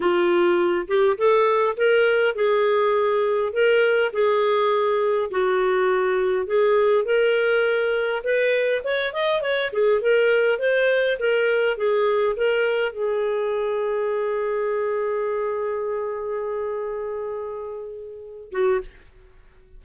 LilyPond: \new Staff \with { instrumentName = "clarinet" } { \time 4/4 \tempo 4 = 102 f'4. g'8 a'4 ais'4 | gis'2 ais'4 gis'4~ | gis'4 fis'2 gis'4 | ais'2 b'4 cis''8 dis''8 |
cis''8 gis'8 ais'4 c''4 ais'4 | gis'4 ais'4 gis'2~ | gis'1~ | gis'2.~ gis'8 fis'8 | }